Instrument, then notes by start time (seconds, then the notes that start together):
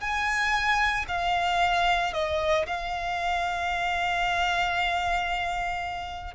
violin
0.00 G#5
1.08 F5
2.13 D#5
2.66 F5